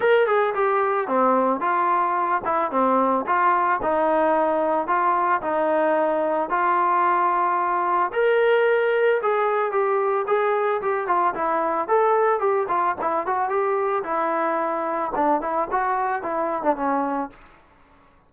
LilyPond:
\new Staff \with { instrumentName = "trombone" } { \time 4/4 \tempo 4 = 111 ais'8 gis'8 g'4 c'4 f'4~ | f'8 e'8 c'4 f'4 dis'4~ | dis'4 f'4 dis'2 | f'2. ais'4~ |
ais'4 gis'4 g'4 gis'4 | g'8 f'8 e'4 a'4 g'8 f'8 | e'8 fis'8 g'4 e'2 | d'8 e'8 fis'4 e'8. d'16 cis'4 | }